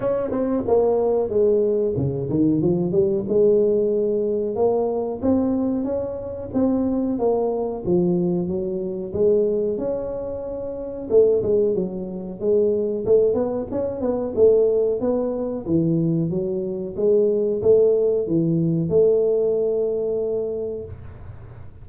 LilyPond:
\new Staff \with { instrumentName = "tuba" } { \time 4/4 \tempo 4 = 92 cis'8 c'8 ais4 gis4 cis8 dis8 | f8 g8 gis2 ais4 | c'4 cis'4 c'4 ais4 | f4 fis4 gis4 cis'4~ |
cis'4 a8 gis8 fis4 gis4 | a8 b8 cis'8 b8 a4 b4 | e4 fis4 gis4 a4 | e4 a2. | }